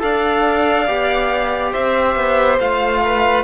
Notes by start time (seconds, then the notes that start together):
0.00 D4 A4 D5 F5
0.88 B3 G4
1.72 C4 C5 E5
2.16 B3
2.60 A3 F4 F5
3.05 B4